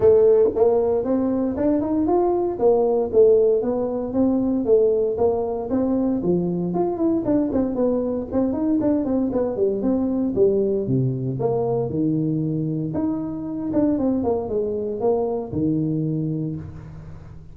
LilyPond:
\new Staff \with { instrumentName = "tuba" } { \time 4/4 \tempo 4 = 116 a4 ais4 c'4 d'8 dis'8 | f'4 ais4 a4 b4 | c'4 a4 ais4 c'4 | f4 f'8 e'8 d'8 c'8 b4 |
c'8 dis'8 d'8 c'8 b8 g8 c'4 | g4 c4 ais4 dis4~ | dis4 dis'4. d'8 c'8 ais8 | gis4 ais4 dis2 | }